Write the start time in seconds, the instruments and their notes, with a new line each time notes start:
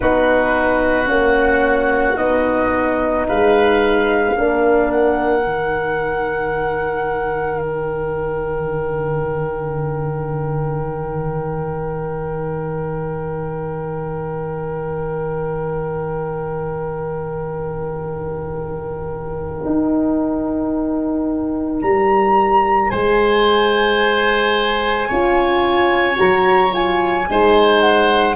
0.00 tuba B3, horn D#4, oboe F#4, flute B4
1.06 tuba A#3, horn C#4, flute F#5
2.17 tuba B3, horn D#4, flute D#5
3.27 tuba G#3, oboe B4, flute F5
4.35 tuba A#3, horn D4, oboe A#4
4.91 flute F#5
5.44 tuba D#3, horn D#4
7.61 flute G5
19.65 tuba D#4
21.81 tuba G3, flute A#5
22.89 tuba G#3, oboe C5, flute G#5
25.08 tuba C#4, horn F4, oboe C#5
26.16 tuba F#3, horn F#4, flute A#5
26.72 horn F4, flute G#5
27.29 tuba G#3, horn D#4, oboe C5
27.80 flute F#5